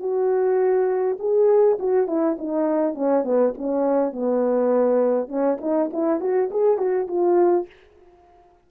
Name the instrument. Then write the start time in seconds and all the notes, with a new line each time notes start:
horn
0.00 F#4
1.20 G#4
1.79 F#4
2.07 E4
2.39 D#4
2.95 C#4
3.24 B3
3.58 C#4
4.13 B3
5.29 C#4
5.61 D#4
5.93 E4
6.21 F#4
6.51 G#4
6.78 F#4
7.08 F4